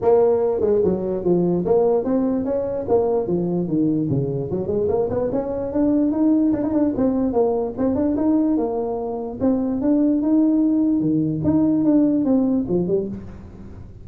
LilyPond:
\new Staff \with { instrumentName = "tuba" } { \time 4/4 \tempo 4 = 147 ais4. gis8 fis4 f4 | ais4 c'4 cis'4 ais4 | f4 dis4 cis4 fis8 gis8 | ais8 b8 cis'4 d'4 dis'4 |
d'16 dis'16 d'8 c'4 ais4 c'8 d'8 | dis'4 ais2 c'4 | d'4 dis'2 dis4 | dis'4 d'4 c'4 f8 g8 | }